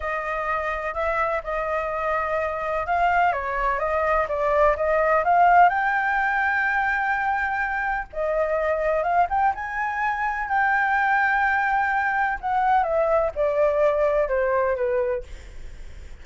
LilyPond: \new Staff \with { instrumentName = "flute" } { \time 4/4 \tempo 4 = 126 dis''2 e''4 dis''4~ | dis''2 f''4 cis''4 | dis''4 d''4 dis''4 f''4 | g''1~ |
g''4 dis''2 f''8 g''8 | gis''2 g''2~ | g''2 fis''4 e''4 | d''2 c''4 b'4 | }